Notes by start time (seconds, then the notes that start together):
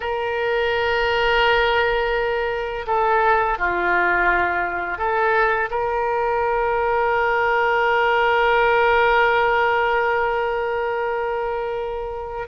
0.00 A#4
2.86 A4
3.58 F4
4.98 A4
5.70 A#4